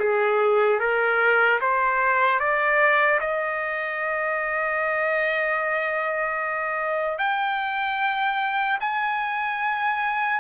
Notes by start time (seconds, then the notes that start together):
0.00 G#4
0.80 A#4
1.61 C5
2.40 D5
3.21 D#5
7.19 G5
8.81 G#5